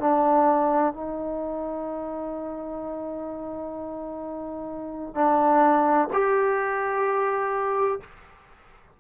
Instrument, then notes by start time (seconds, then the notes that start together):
trombone
0.00 D4
0.93 D#4
5.15 D4
6.13 G4